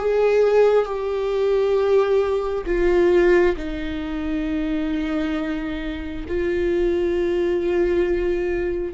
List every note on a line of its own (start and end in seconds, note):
0.00 0.86 G#4
0.86 2.65 G4
2.67 3.56 F4
3.57 6.26 D#4
6.28 8.94 F4